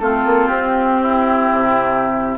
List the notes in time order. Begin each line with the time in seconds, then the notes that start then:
0.00 A3 C4 F4 A4
0.25 A#3
0.47 C4 G4
1.01 E4
1.51 C3